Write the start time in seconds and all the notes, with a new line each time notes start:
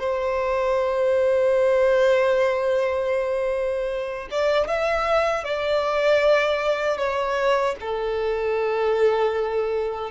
0.00 C5
4.31 D5
4.68 E5
5.44 D5
6.98 C#5
7.81 A4